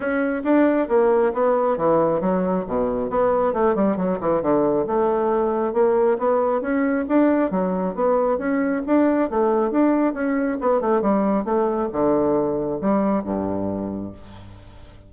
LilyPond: \new Staff \with { instrumentName = "bassoon" } { \time 4/4 \tempo 4 = 136 cis'4 d'4 ais4 b4 | e4 fis4 b,4 b4 | a8 g8 fis8 e8 d4 a4~ | a4 ais4 b4 cis'4 |
d'4 fis4 b4 cis'4 | d'4 a4 d'4 cis'4 | b8 a8 g4 a4 d4~ | d4 g4 g,2 | }